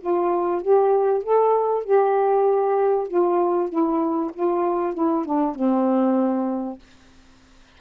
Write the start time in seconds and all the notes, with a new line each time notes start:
0.00 F4
0.62 G4
1.23 A4
1.84 G4
3.08 F4
3.69 E4
4.34 F4
4.94 E4
5.25 D4
5.55 C4